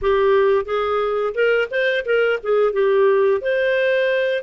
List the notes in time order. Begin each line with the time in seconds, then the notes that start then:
0.01 G4
0.65 G#4
1.34 A#4
1.70 C5
2.05 A#4
2.42 G#4
2.73 G4
3.41 C5